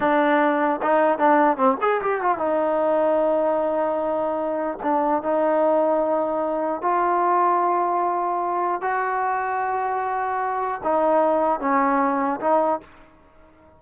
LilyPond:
\new Staff \with { instrumentName = "trombone" } { \time 4/4 \tempo 4 = 150 d'2 dis'4 d'4 | c'8 gis'8 g'8 f'8 dis'2~ | dis'1 | d'4 dis'2.~ |
dis'4 f'2.~ | f'2 fis'2~ | fis'2. dis'4~ | dis'4 cis'2 dis'4 | }